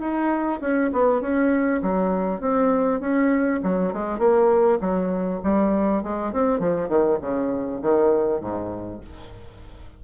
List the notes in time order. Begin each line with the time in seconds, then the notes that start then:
0.00 D#4
0.61 C#4
0.93 B3
1.21 C#4
1.82 F#3
2.41 C4
3.00 C#4
3.63 F#3
3.93 G#3
4.19 A#3
4.81 F#3
5.44 G3
6.03 G#3
6.33 C4
6.60 F3
6.89 D#3
7.21 C#3
7.82 D#3
8.41 G#2